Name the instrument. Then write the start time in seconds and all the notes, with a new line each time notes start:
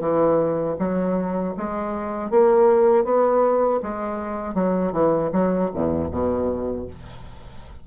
bassoon
0.00 E3
0.78 F#3
1.57 G#3
2.30 A#3
3.04 B3
3.82 G#3
4.54 F#3
4.92 E3
5.32 F#3
5.74 E2
6.11 B2